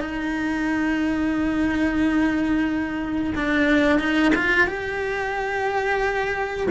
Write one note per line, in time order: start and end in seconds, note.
0.00 3.33 D#4
3.35 3.99 D4
3.99 4.32 D#4
4.35 4.67 F4
4.67 6.67 G4